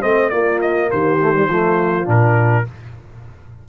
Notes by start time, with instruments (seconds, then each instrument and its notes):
0.00 tuba A3, trombone C4, horn C5, trumpet D#5
0.30 trombone A#3, tuba A#3, horn F4, trumpet D5
0.61 trumpet D#5
0.91 tuba D#3, horn G4, trumpet C5
1.21 trombone A3
1.34 trombone G3
1.49 tuba F3, trombone A3, horn F4
2.05 tuba A#2, trombone D4, trumpet A#4